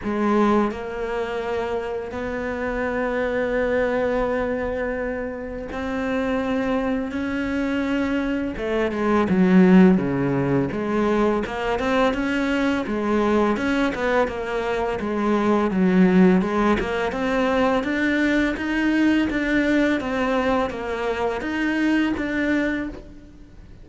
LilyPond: \new Staff \with { instrumentName = "cello" } { \time 4/4 \tempo 4 = 84 gis4 ais2 b4~ | b1 | c'2 cis'2 | a8 gis8 fis4 cis4 gis4 |
ais8 c'8 cis'4 gis4 cis'8 b8 | ais4 gis4 fis4 gis8 ais8 | c'4 d'4 dis'4 d'4 | c'4 ais4 dis'4 d'4 | }